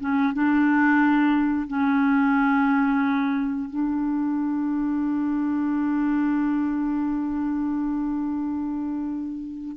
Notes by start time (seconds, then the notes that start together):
0.00 C#4
0.33 D4
1.67 C#4
3.70 D4